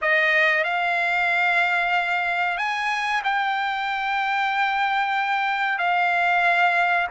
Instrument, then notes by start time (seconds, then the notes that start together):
trumpet
0.01 D#5
0.64 F5
2.57 G#5
3.24 G5
5.78 F5